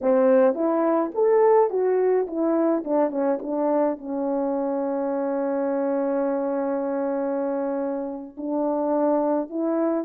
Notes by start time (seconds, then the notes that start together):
0.01 C4
0.54 E4
1.14 A4
1.70 F#4
2.27 E4
2.84 D4
3.10 C#4
3.42 D4
3.98 C#4
8.37 D4
9.49 E4